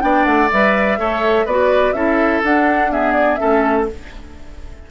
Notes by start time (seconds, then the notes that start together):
0.00 B3 D4 D5 G5
0.25 A3 F#5
0.51 G3 B4 E5
0.98 A3 A4 C#5
1.45 B3 F#4 B4 D5
1.93 C#4 E4 A4 E5
2.44 D4 F#5
2.90 B3 G#4 E5
3.11 D5
3.35 C#4 A4 E5
3.42 A3